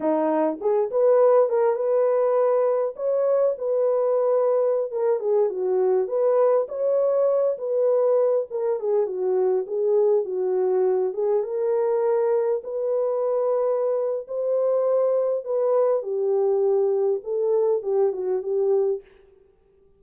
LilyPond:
\new Staff \with { instrumentName = "horn" } { \time 4/4 \tempo 4 = 101 dis'4 gis'8 b'4 ais'8 b'4~ | b'4 cis''4 b'2~ | b'16 ais'8 gis'8 fis'4 b'4 cis''8.~ | cis''8. b'4. ais'8 gis'8 fis'8.~ |
fis'16 gis'4 fis'4. gis'8 ais'8.~ | ais'4~ ais'16 b'2~ b'8. | c''2 b'4 g'4~ | g'4 a'4 g'8 fis'8 g'4 | }